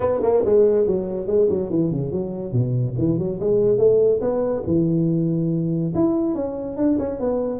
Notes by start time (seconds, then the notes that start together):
0.00 B3
0.22 A#3
0.45 G#3
0.86 F#3
1.26 G#3
1.49 F#3
1.70 E3
1.91 C#3
2.11 F#3
2.52 B2
2.98 E3
3.18 F#3
3.40 G#3
3.78 A3
4.20 B3
4.66 E3
5.94 E4
6.35 C#4
6.76 D4
6.99 C#4
7.19 B3